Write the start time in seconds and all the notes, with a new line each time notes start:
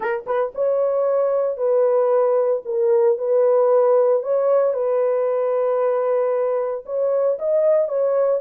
0.00 A#4
0.26 B4
0.55 C#5
1.57 B4
2.65 A#4
3.17 B4
4.22 C#5
4.73 B4
6.85 C#5
7.38 D#5
7.88 C#5